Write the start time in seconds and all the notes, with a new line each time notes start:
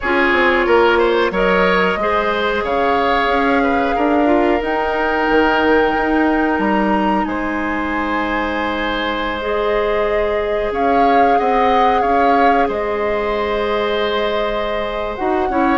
0.00 C#4 F4 G#4 C#5
0.32 C4
0.66 A#3 A#4
0.98 C5
1.30 F#3 A#4 C#5 D#5
1.96 G#3 G#4 C5
2.63 C#3 C#5 F5
3.27 C#4
3.63 B4
3.95 D4 A#4
4.25 F4
4.60 D#4 G5
5.29 D#3
5.94 D#4
6.58 G3 A#5
7.24 G#3 C5 G#5
9.40 G#4 D#5
10.71 C#4 C#5 F5
11.38 C4 D#5 F#5
12.01 C#4 C#5 F5
12.68 G#3 C5 D#5
15.15 D#4 F#4 F#5
15.49 C#4 E4 C#5